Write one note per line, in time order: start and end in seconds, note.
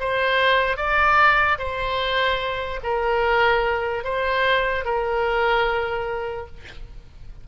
0.00 0.77 C5
0.77 1.58 D5
1.58 2.80 C5
2.83 4.04 A#4
4.04 4.85 C5
4.85 6.47 A#4